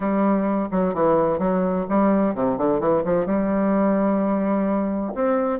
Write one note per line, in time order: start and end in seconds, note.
0.00 0.68 G3
0.71 0.94 F#3
0.94 1.38 E3
1.38 1.85 F#3
1.89 2.34 G3
2.34 2.57 C3
2.57 2.80 D3
2.80 3.03 E3
3.04 3.26 F3
3.26 5.13 G3
5.14 5.59 C4